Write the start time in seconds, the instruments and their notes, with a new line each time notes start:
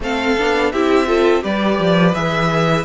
0.00 cello A3, viola C4, violin A4 F5
0.37 cello B3, viola D4
0.72 cello C4, viola E4, violin G4 E5
1.06 viola F4, violin A4
1.41 cello G3, viola G4, violin B4 D5
1.78 cello F3
2.14 cello E3, viola G#4, violin E5